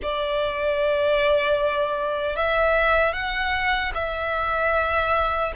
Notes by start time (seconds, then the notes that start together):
0.02 D5
2.35 E5
3.13 F#5
3.94 E5